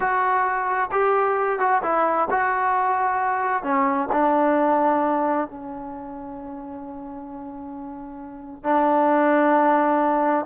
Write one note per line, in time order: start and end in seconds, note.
0.00 0.89 F#4
0.91 1.59 G4
1.59 1.82 F#4
1.82 2.28 E4
2.30 3.63 F#4
3.63 4.08 C#4
4.12 5.48 D4
5.48 8.63 C#4
8.63 10.45 D4